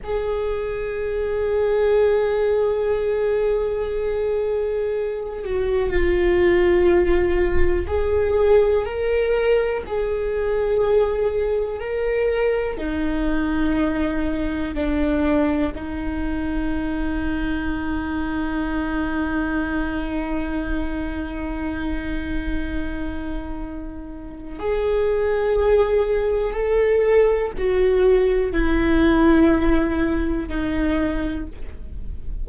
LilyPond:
\new Staff \with { instrumentName = "viola" } { \time 4/4 \tempo 4 = 61 gis'1~ | gis'4. fis'8 f'2 | gis'4 ais'4 gis'2 | ais'4 dis'2 d'4 |
dis'1~ | dis'1~ | dis'4 gis'2 a'4 | fis'4 e'2 dis'4 | }